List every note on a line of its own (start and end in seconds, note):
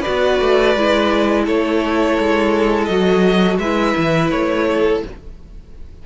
0.00 0.76 F#4
0.00 1.43 B4
0.00 1.45 D5
0.07 0.40 B3
0.40 0.76 A3
0.76 1.47 G#3
0.76 2.90 E4
1.45 2.18 A3
1.45 3.59 A4
1.45 2.85 C#5
2.18 2.89 G#3
2.85 3.58 F#3
2.85 3.61 F#4
2.85 3.57 D#5
3.58 3.94 G#3
3.58 5.06 E4
3.58 4.67 B4
3.58 4.30 E5
3.97 4.31 E3
4.31 5.03 A3
4.31 5.02 C#5
4.67 5.03 A4